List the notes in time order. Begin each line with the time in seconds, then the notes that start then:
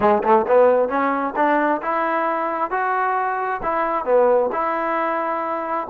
0.00 G#3
0.23 A3
0.47 B3
0.89 C#4
1.36 D4
1.82 E4
2.70 F#4
3.62 E4
4.05 B3
4.52 E4